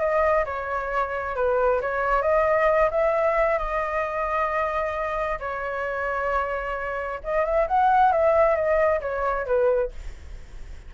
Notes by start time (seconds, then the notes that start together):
0.00 D#5
0.46 C#5
1.36 B4
1.81 C#5
2.22 D#5
2.91 E5
3.59 D#5
5.40 C#5
7.24 D#5
7.45 E5
7.68 F#5
8.12 E5
8.56 D#5
9.01 C#5
9.46 B4